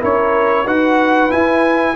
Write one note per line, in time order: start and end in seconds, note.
0.00 0.66 C#4
0.00 0.65 E4
0.00 0.64 A#4
0.00 0.67 C#5
0.64 1.30 D#4
0.64 1.29 F#4
0.64 1.93 B4
0.64 1.31 F#5
1.29 1.94 E4
1.29 1.95 E4
1.29 1.95 G#5